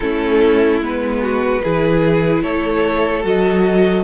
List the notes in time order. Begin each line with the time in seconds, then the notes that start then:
0.00 A3 C#4 E4 A4
0.80 G#3 B3 B4
1.21 F#4
1.63 E3 E4 G#4
2.42 A3 A4 C#5
3.22 F#3 F#4 D#5